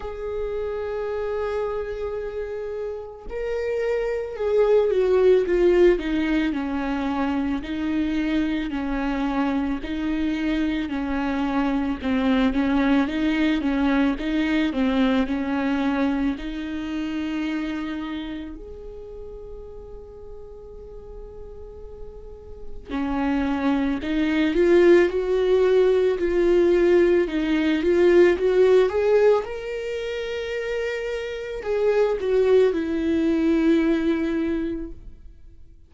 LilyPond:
\new Staff \with { instrumentName = "viola" } { \time 4/4 \tempo 4 = 55 gis'2. ais'4 | gis'8 fis'8 f'8 dis'8 cis'4 dis'4 | cis'4 dis'4 cis'4 c'8 cis'8 | dis'8 cis'8 dis'8 c'8 cis'4 dis'4~ |
dis'4 gis'2.~ | gis'4 cis'4 dis'8 f'8 fis'4 | f'4 dis'8 f'8 fis'8 gis'8 ais'4~ | ais'4 gis'8 fis'8 e'2 | }